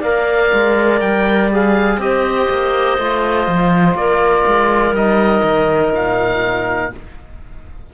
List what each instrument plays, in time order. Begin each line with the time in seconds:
0.00 cello A#3, trombone A#4, clarinet D5, oboe F5
0.53 cello G#3
1.00 cello G3, oboe G5
1.52 trombone G#4, oboe F5
1.98 cello C4, trombone G4, clarinet C5, oboe D#5
2.50 cello A#3
2.98 cello A3, trombone F4
3.47 cello F3
3.95 cello A#3, clarinet A#4, oboe D5
4.47 cello G#3
4.92 cello G3, trombone D#4, oboe D#5
5.43 cello D#3
5.92 cello A#2, oboe F5